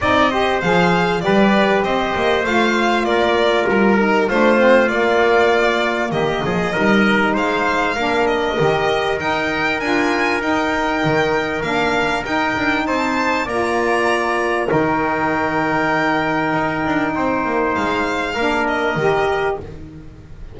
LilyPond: <<
  \new Staff \with { instrumentName = "violin" } { \time 4/4 \tempo 4 = 98 dis''4 f''4 d''4 dis''4 | f''4 d''4 ais'4 c''4 | d''2 dis''2 | f''4. dis''4. g''4 |
gis''4 g''2 f''4 | g''4 a''4 ais''2 | g''1~ | g''4 f''4. dis''4. | }
  \new Staff \with { instrumentName = "trumpet" } { \time 4/4 d''8 c''4. b'4 c''4~ | c''4 ais'2 f'4~ | f'2 g'8 gis'8 ais'4 | c''4 ais'2.~ |
ais'1~ | ais'4 c''4 d''2 | ais'1 | c''2 ais'2 | }
  \new Staff \with { instrumentName = "saxophone" } { \time 4/4 dis'8 g'8 gis'4 g'2 | f'2~ f'8 dis'8 d'8 c'8 | ais2. dis'4~ | dis'4 d'4 g'4 dis'4 |
f'4 dis'2 d'4 | dis'2 f'2 | dis'1~ | dis'2 d'4 g'4 | }
  \new Staff \with { instrumentName = "double bass" } { \time 4/4 c'4 f4 g4 c'8 ais8 | a4 ais4 g4 a4 | ais2 dis8 f8 g4 | gis4 ais4 dis4 dis'4 |
d'4 dis'4 dis4 ais4 | dis'8 d'8 c'4 ais2 | dis2. dis'8 d'8 | c'8 ais8 gis4 ais4 dis4 | }
>>